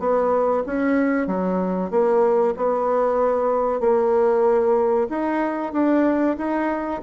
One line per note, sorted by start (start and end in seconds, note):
0.00 0.64 B3
0.66 1.27 C#4
1.27 1.91 F#3
1.91 2.55 A#3
2.57 3.80 B3
3.80 5.08 A#3
5.10 5.73 D#4
5.73 6.37 D4
6.38 7.02 D#4